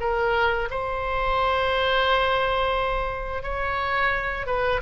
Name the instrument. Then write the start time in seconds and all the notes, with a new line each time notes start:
oboe
0.00 A#4
0.71 C5
3.43 C#5
4.46 B4